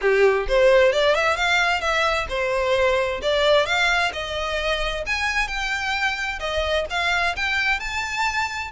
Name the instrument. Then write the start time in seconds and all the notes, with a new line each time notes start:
violin
0.01 G4
0.47 C5
0.92 D5
1.15 E5
1.36 F5
1.80 E5
2.29 C5
3.22 D5
3.65 F5
4.12 D#5
5.06 G#5
5.47 G5
6.39 D#5
6.90 F5
7.36 G5
7.79 A5